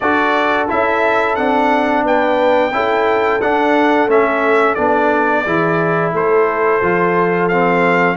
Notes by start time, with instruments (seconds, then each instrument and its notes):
0.00 tuba D4, trombone F#4, horn A4, trumpet D5
0.68 tuba C#4, trombone E4, trumpet E5
1.35 tuba C4, trombone D4, trumpet F#5
2.03 tuba B3, horn B4, trumpet G5
2.72 tuba C#4, trombone E4, horn A4
3.40 tuba D4, trombone D4, trumpet F#5
4.07 tuba A3, trombone C#4, trumpet E5
4.74 tuba B3, trombone D4, trumpet D5
5.45 tuba E3, trombone E4, horn G#4
6.13 tuba A3, horn A4, trumpet C5
6.81 tuba F3, trombone F4
7.48 trombone C4, trumpet F5